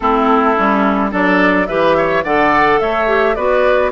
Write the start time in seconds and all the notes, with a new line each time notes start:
0.00 A3 C4 E4 A4
0.56 G3 C#4
1.11 F#3 D4 A4 D5
1.67 E3 G4 B4 E5
1.97 C#5
2.23 D3 A4 D5 F#5
2.79 A3 C#5 E5
3.06 G4
3.34 B3 F#4 B4 D5